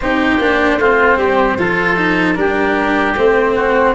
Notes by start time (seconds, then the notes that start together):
0.00 C4 D#4 G4 C5
0.38 A#3 D4
0.77 A3 C4 F4
1.16 G3 G4
1.58 F3 F4 A4
1.96 D#4
2.34 G3 D4 G4 A#4
3.17 A3 C4 C5
3.55 F#4